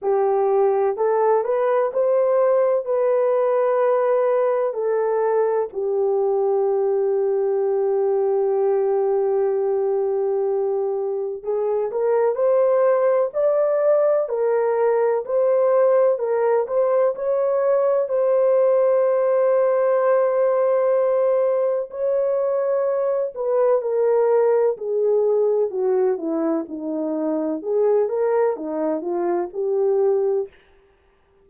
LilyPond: \new Staff \with { instrumentName = "horn" } { \time 4/4 \tempo 4 = 63 g'4 a'8 b'8 c''4 b'4~ | b'4 a'4 g'2~ | g'1 | gis'8 ais'8 c''4 d''4 ais'4 |
c''4 ais'8 c''8 cis''4 c''4~ | c''2. cis''4~ | cis''8 b'8 ais'4 gis'4 fis'8 e'8 | dis'4 gis'8 ais'8 dis'8 f'8 g'4 | }